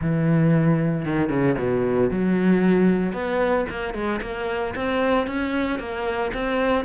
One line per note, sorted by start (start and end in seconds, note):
0.01 1.05 E3
1.05 1.29 D#3
1.29 1.55 C#3
1.58 2.10 B2
2.10 3.12 F#3
3.12 3.65 B3
3.69 3.94 A#3
3.94 4.20 G#3
4.21 4.74 A#3
4.75 5.27 C4
5.27 5.79 C#4
5.79 6.31 A#3
6.33 6.84 C4